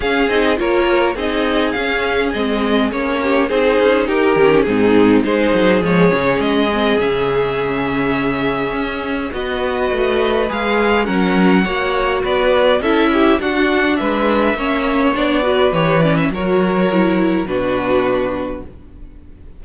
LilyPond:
<<
  \new Staff \with { instrumentName = "violin" } { \time 4/4 \tempo 4 = 103 f''8 dis''8 cis''4 dis''4 f''4 | dis''4 cis''4 c''4 ais'4 | gis'4 c''4 cis''4 dis''4 | e''1 |
dis''2 f''4 fis''4~ | fis''4 d''4 e''4 fis''4 | e''2 d''4 cis''8 d''16 e''16 | cis''2 b'2 | }
  \new Staff \with { instrumentName = "violin" } { \time 4/4 gis'4 ais'4 gis'2~ | gis'4. g'8 gis'4 g'4 | dis'4 gis'2.~ | gis'1 |
b'2. ais'4 | cis''4 b'4 a'8 g'8 fis'4 | b'4 cis''4. b'4. | ais'2 fis'2 | }
  \new Staff \with { instrumentName = "viola" } { \time 4/4 cis'8 dis'8 f'4 dis'4 cis'4 | c'4 cis'4 dis'4. cis'8 | c'4 dis'4 gis8 cis'4 c'8 | cis'1 |
fis'2 gis'4 cis'4 | fis'2 e'4 d'4~ | d'4 cis'4 d'8 fis'8 g'8 cis'8 | fis'4 e'4 d'2 | }
  \new Staff \with { instrumentName = "cello" } { \time 4/4 cis'8 c'8 ais4 c'4 cis'4 | gis4 ais4 c'8 cis'8 dis'8 dis8 | gis,4 gis8 fis8 f8 cis8 gis4 | cis2. cis'4 |
b4 a4 gis4 fis4 | ais4 b4 cis'4 d'4 | gis4 ais4 b4 e4 | fis2 b,2 | }
>>